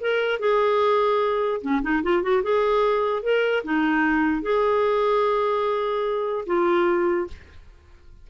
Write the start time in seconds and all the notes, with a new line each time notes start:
0.00 A#4
0.39 G#4
1.61 C#4
1.82 D#4
2.03 F4
2.22 F#4
2.43 G#4
3.22 A#4
3.63 D#4
4.42 G#4
6.46 F4